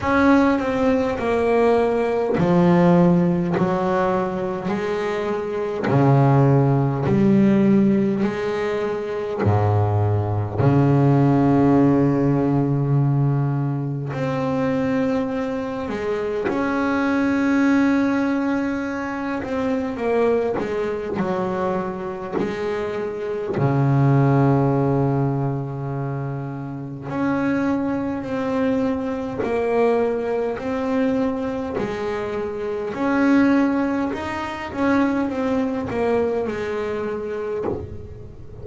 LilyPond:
\new Staff \with { instrumentName = "double bass" } { \time 4/4 \tempo 4 = 51 cis'8 c'8 ais4 f4 fis4 | gis4 cis4 g4 gis4 | gis,4 cis2. | c'4. gis8 cis'2~ |
cis'8 c'8 ais8 gis8 fis4 gis4 | cis2. cis'4 | c'4 ais4 c'4 gis4 | cis'4 dis'8 cis'8 c'8 ais8 gis4 | }